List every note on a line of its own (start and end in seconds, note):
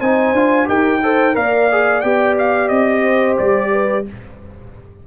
0.00 0.33 C4
0.00 0.36 D#4
0.00 0.67 C5
0.00 0.68 G#5
0.33 0.67 D4
0.33 0.66 F4
0.66 1.36 D#4
0.66 0.99 G4
0.66 1.01 A#4
0.66 1.36 G5
1.02 1.34 A4
1.02 1.36 C5
1.34 2.03 A#3
1.34 1.68 A#4
1.34 3.03 D5
1.34 2.01 F5
1.71 2.03 G#4
2.01 2.70 B3
2.01 4.05 G4
2.01 2.34 G5
2.38 2.68 F5
2.68 3.37 C4
2.68 3.36 D#5
3.03 3.70 C5
3.38 4.07 G3
3.38 4.05 D5
3.72 4.05 B4